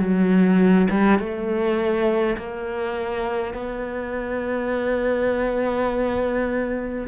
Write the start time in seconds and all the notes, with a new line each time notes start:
0.00 F#3
0.90 G3
1.19 A3
2.37 A#3
3.55 B3